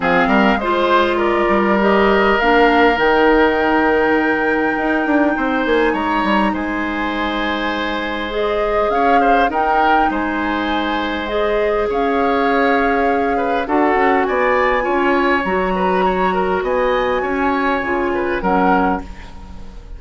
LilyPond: <<
  \new Staff \with { instrumentName = "flute" } { \time 4/4 \tempo 4 = 101 f''4 c''4 d''4 dis''4 | f''4 g''2.~ | g''4. gis''8 ais''4 gis''4~ | gis''2 dis''4 f''4 |
g''4 gis''2 dis''4 | f''2. fis''4 | gis''2 ais''2 | gis''2. fis''4 | }
  \new Staff \with { instrumentName = "oboe" } { \time 4/4 gis'8 ais'8 c''4 ais'2~ | ais'1~ | ais'4 c''4 cis''4 c''4~ | c''2. cis''8 c''8 |
ais'4 c''2. | cis''2~ cis''8 b'8 a'4 | d''4 cis''4. b'8 cis''8 ais'8 | dis''4 cis''4. b'8 ais'4 | }
  \new Staff \with { instrumentName = "clarinet" } { \time 4/4 c'4 f'2 g'4 | d'4 dis'2.~ | dis'1~ | dis'2 gis'2 |
dis'2. gis'4~ | gis'2. fis'4~ | fis'4 f'4 fis'2~ | fis'2 f'4 cis'4 | }
  \new Staff \with { instrumentName = "bassoon" } { \time 4/4 f8 g8 gis4. g4. | ais4 dis2. | dis'8 d'8 c'8 ais8 gis8 g8 gis4~ | gis2. cis'4 |
dis'4 gis2. | cis'2. d'8 cis'8 | b4 cis'4 fis2 | b4 cis'4 cis4 fis4 | }
>>